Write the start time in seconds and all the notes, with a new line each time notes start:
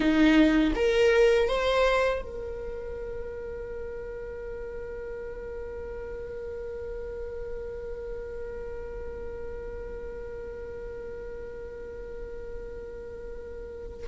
0.00 D#4
0.75 A#4
1.48 C5
2.22 A#4